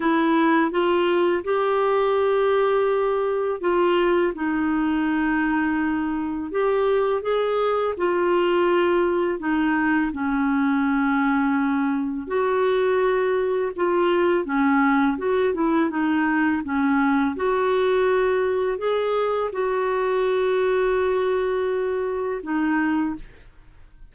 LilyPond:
\new Staff \with { instrumentName = "clarinet" } { \time 4/4 \tempo 4 = 83 e'4 f'4 g'2~ | g'4 f'4 dis'2~ | dis'4 g'4 gis'4 f'4~ | f'4 dis'4 cis'2~ |
cis'4 fis'2 f'4 | cis'4 fis'8 e'8 dis'4 cis'4 | fis'2 gis'4 fis'4~ | fis'2. dis'4 | }